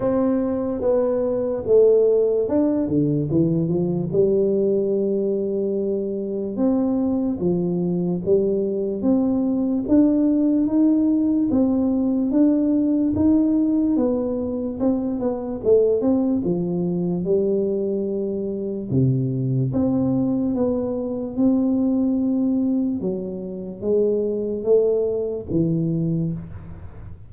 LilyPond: \new Staff \with { instrumentName = "tuba" } { \time 4/4 \tempo 4 = 73 c'4 b4 a4 d'8 d8 | e8 f8 g2. | c'4 f4 g4 c'4 | d'4 dis'4 c'4 d'4 |
dis'4 b4 c'8 b8 a8 c'8 | f4 g2 c4 | c'4 b4 c'2 | fis4 gis4 a4 e4 | }